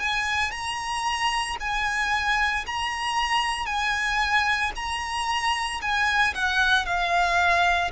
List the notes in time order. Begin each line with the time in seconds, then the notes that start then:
0.00 G#5
0.52 A#5
1.60 G#5
2.67 A#5
3.67 G#5
4.76 A#5
5.82 G#5
6.35 F#5
6.86 F5